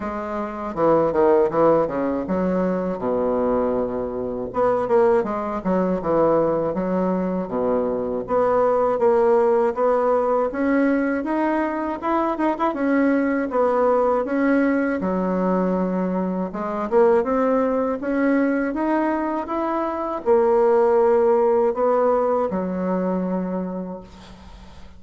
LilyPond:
\new Staff \with { instrumentName = "bassoon" } { \time 4/4 \tempo 4 = 80 gis4 e8 dis8 e8 cis8 fis4 | b,2 b8 ais8 gis8 fis8 | e4 fis4 b,4 b4 | ais4 b4 cis'4 dis'4 |
e'8 dis'16 e'16 cis'4 b4 cis'4 | fis2 gis8 ais8 c'4 | cis'4 dis'4 e'4 ais4~ | ais4 b4 fis2 | }